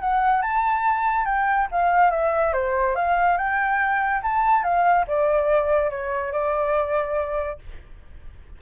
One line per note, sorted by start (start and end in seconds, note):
0.00 0.42 F#5
0.42 1.25 A5
1.25 1.67 G5
1.71 2.11 F5
2.11 2.53 E5
2.53 2.95 C5
2.95 3.37 F5
3.37 4.22 G5
4.23 4.63 A5
4.63 5.06 F5
5.07 5.90 D5
5.90 6.32 C#5
6.32 7.59 D5